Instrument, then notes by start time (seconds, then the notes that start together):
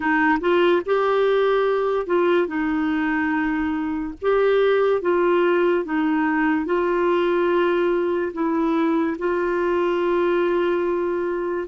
clarinet
0.00 D#4
0.40 F4
0.85 G4
2.06 F4
2.47 D#4
4.21 G4
5.01 F4
5.84 D#4
6.65 F4
8.33 E4
9.18 F4